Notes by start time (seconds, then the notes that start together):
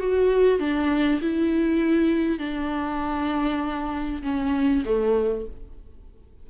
0.00 F#4
0.60 D4
1.22 E4
2.39 D4
4.23 C#4
4.85 A3